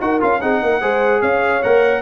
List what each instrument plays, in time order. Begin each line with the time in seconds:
0.00 tuba D#4, trombone F#4, horn A#4, trumpet F#5
0.20 tuba C#4, trombone F4, trumpet F5
0.41 tuba C4, trombone D#4, horn G#4, trumpet F#5
0.62 tuba A#3, horn A#4
0.81 tuba G#3, trombone G#4, horn C5
1.21 tuba C#4, horn C#5, trumpet F5
1.62 tuba A#3, trombone A#4, trumpet F#5